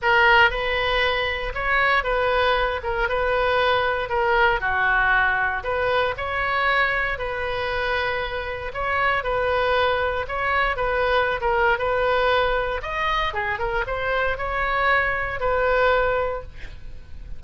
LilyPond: \new Staff \with { instrumentName = "oboe" } { \time 4/4 \tempo 4 = 117 ais'4 b'2 cis''4 | b'4. ais'8 b'2 | ais'4 fis'2 b'4 | cis''2 b'2~ |
b'4 cis''4 b'2 | cis''4 b'4~ b'16 ais'8. b'4~ | b'4 dis''4 gis'8 ais'8 c''4 | cis''2 b'2 | }